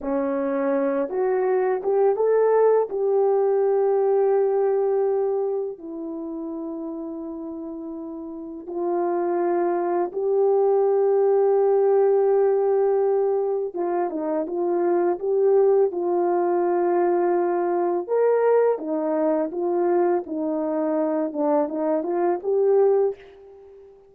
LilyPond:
\new Staff \with { instrumentName = "horn" } { \time 4/4 \tempo 4 = 83 cis'4. fis'4 g'8 a'4 | g'1 | e'1 | f'2 g'2~ |
g'2. f'8 dis'8 | f'4 g'4 f'2~ | f'4 ais'4 dis'4 f'4 | dis'4. d'8 dis'8 f'8 g'4 | }